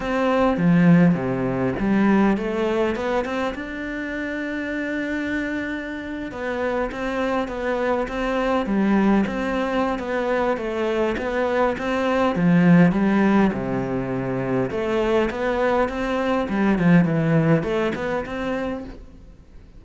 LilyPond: \new Staff \with { instrumentName = "cello" } { \time 4/4 \tempo 4 = 102 c'4 f4 c4 g4 | a4 b8 c'8 d'2~ | d'2~ d'8. b4 c'16~ | c'8. b4 c'4 g4 c'16~ |
c'4 b4 a4 b4 | c'4 f4 g4 c4~ | c4 a4 b4 c'4 | g8 f8 e4 a8 b8 c'4 | }